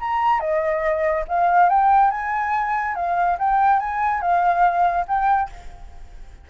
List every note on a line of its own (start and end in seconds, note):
0.00 0.40 A#5
0.40 1.25 D#5
1.28 1.70 F5
1.70 2.11 G5
2.11 2.96 G#5
2.96 3.38 F5
3.39 3.80 G5
3.80 4.22 G#5
4.22 5.06 F5
5.08 5.50 G5